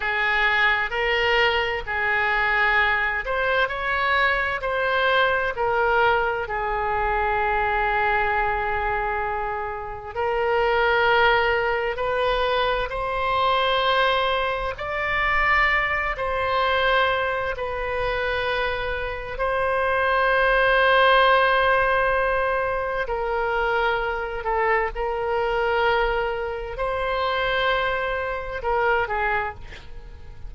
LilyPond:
\new Staff \with { instrumentName = "oboe" } { \time 4/4 \tempo 4 = 65 gis'4 ais'4 gis'4. c''8 | cis''4 c''4 ais'4 gis'4~ | gis'2. ais'4~ | ais'4 b'4 c''2 |
d''4. c''4. b'4~ | b'4 c''2.~ | c''4 ais'4. a'8 ais'4~ | ais'4 c''2 ais'8 gis'8 | }